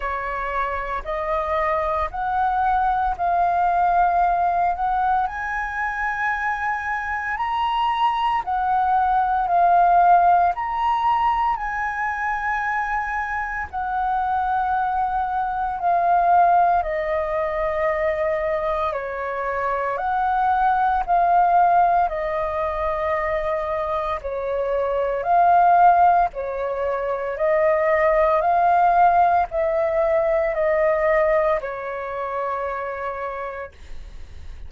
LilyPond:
\new Staff \with { instrumentName = "flute" } { \time 4/4 \tempo 4 = 57 cis''4 dis''4 fis''4 f''4~ | f''8 fis''8 gis''2 ais''4 | fis''4 f''4 ais''4 gis''4~ | gis''4 fis''2 f''4 |
dis''2 cis''4 fis''4 | f''4 dis''2 cis''4 | f''4 cis''4 dis''4 f''4 | e''4 dis''4 cis''2 | }